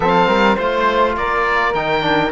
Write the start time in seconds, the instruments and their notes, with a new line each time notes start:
0.00 cello F3, trombone C4, flute A4, oboe F5
0.27 cello G3, flute A#4
0.55 cello A3, trombone F4, flute C5, oboe C5
1.17 cello A#3, flute A#4, oboe D5
1.74 cello D#3, trombone D#4, oboe G5
2.01 trombone D4